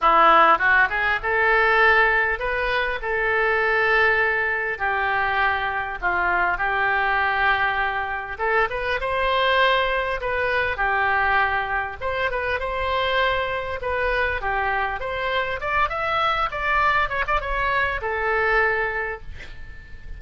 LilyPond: \new Staff \with { instrumentName = "oboe" } { \time 4/4 \tempo 4 = 100 e'4 fis'8 gis'8 a'2 | b'4 a'2. | g'2 f'4 g'4~ | g'2 a'8 b'8 c''4~ |
c''4 b'4 g'2 | c''8 b'8 c''2 b'4 | g'4 c''4 d''8 e''4 d''8~ | d''8 cis''16 d''16 cis''4 a'2 | }